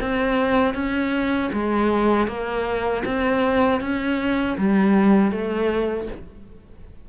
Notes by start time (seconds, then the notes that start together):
0.00 C4
0.74 C#4
1.52 G#3
2.28 A#3
3.05 C4
3.80 C#4
4.58 G3
5.31 A3